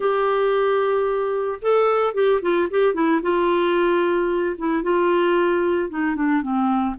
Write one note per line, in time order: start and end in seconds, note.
0.00 1.59 G4
1.61 2.14 A4
2.14 2.40 G4
2.41 2.68 F4
2.70 2.93 G4
2.93 3.20 E4
3.21 4.55 F4
4.58 4.83 E4
4.83 5.89 F4
5.89 6.15 D#4
6.15 6.42 D4
6.42 6.95 C4